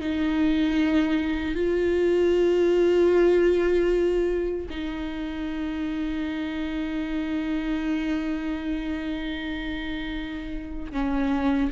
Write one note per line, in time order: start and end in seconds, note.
0.00 1.54 D#4
1.54 4.66 F4
4.69 10.92 D#4
10.92 11.70 C#4